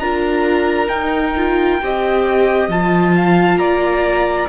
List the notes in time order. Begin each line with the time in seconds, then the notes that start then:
0.00 D4 F4 A#4 A#5
0.89 D#4 G5
1.37 F4
1.83 C4 G4 D#5
2.69 F3 F4 A5
3.16 F5
3.56 A#3 D5 A#5